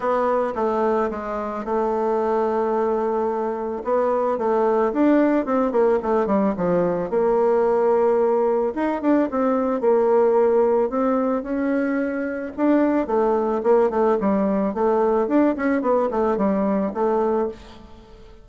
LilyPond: \new Staff \with { instrumentName = "bassoon" } { \time 4/4 \tempo 4 = 110 b4 a4 gis4 a4~ | a2. b4 | a4 d'4 c'8 ais8 a8 g8 | f4 ais2. |
dis'8 d'8 c'4 ais2 | c'4 cis'2 d'4 | a4 ais8 a8 g4 a4 | d'8 cis'8 b8 a8 g4 a4 | }